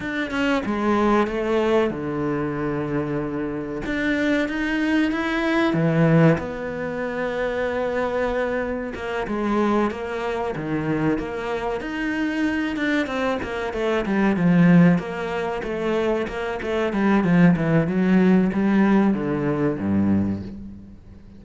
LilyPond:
\new Staff \with { instrumentName = "cello" } { \time 4/4 \tempo 4 = 94 d'8 cis'8 gis4 a4 d4~ | d2 d'4 dis'4 | e'4 e4 b2~ | b2 ais8 gis4 ais8~ |
ais8 dis4 ais4 dis'4. | d'8 c'8 ais8 a8 g8 f4 ais8~ | ais8 a4 ais8 a8 g8 f8 e8 | fis4 g4 d4 g,4 | }